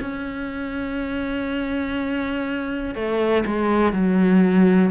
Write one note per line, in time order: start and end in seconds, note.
0.00 2.94 C#4
2.94 3.43 A3
3.46 3.93 G#3
3.93 4.90 F#3